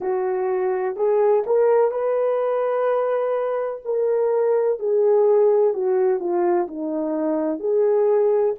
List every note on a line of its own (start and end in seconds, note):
0.00 0.96 F#4
0.96 1.43 G#4
1.46 1.91 A#4
1.91 3.81 B4
3.84 4.79 A#4
4.79 5.73 G#4
5.73 6.19 F#4
6.19 6.67 F4
6.67 7.59 D#4
7.59 8.55 G#4